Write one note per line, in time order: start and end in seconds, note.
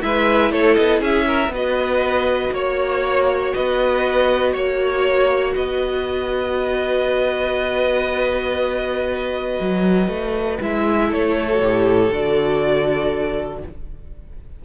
0.00 0.51 G#3
0.00 1.51 E4
0.00 0.52 B4
0.00 0.51 E5
0.51 0.76 A3
0.51 1.00 A4
0.51 0.75 C#5
0.75 1.00 B3
0.75 1.00 D#5
1.00 1.48 C#4
1.00 1.26 G#4
1.00 1.54 E5
1.26 1.51 A#4
1.48 2.49 B3
1.48 10.61 F#4
1.48 2.54 B4
1.55 2.53 D#5
2.52 3.53 A#3
2.52 3.53 C#5
2.52 3.55 C#5
3.53 4.54 B3
3.53 4.53 B4
3.53 4.53 D#5
4.53 5.55 A#3
4.53 5.53 C#5
4.53 5.54 C#5
5.55 9.59 B3
5.55 11.07 B4
5.55 10.59 D#5
9.60 10.08 F#3
10.08 10.58 A3
10.61 11.11 G#3
10.61 11.49 E4
10.61 11.13 E5
11.07 11.59 A3
11.07 13.59 A4
11.13 12.13 C#5
11.50 11.62 F#4
11.59 12.09 A2
11.59 12.13 G4
12.11 13.62 D3
12.11 13.64 F#4
12.11 13.65 D5